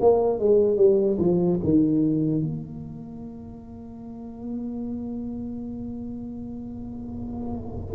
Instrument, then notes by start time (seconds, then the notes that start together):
tuba
0.00 A#3
0.38 G#3
0.76 G3
1.18 F3
1.63 D#3
2.42 A#3